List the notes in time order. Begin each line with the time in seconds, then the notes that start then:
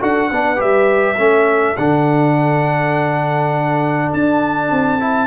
0.00 D4 F#4 A4 F#5
0.31 B3 D4 B4
0.56 G3 G4 E5
1.17 A3 C#4 A4
1.76 D3 D4 F#5
4.12 D4 A5
4.71 C4
5.00 E4